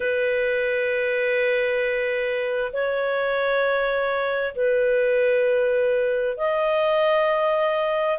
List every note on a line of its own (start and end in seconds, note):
0.00 2.71 B4
2.73 4.55 C#5
4.55 6.37 B4
6.37 8.18 D#5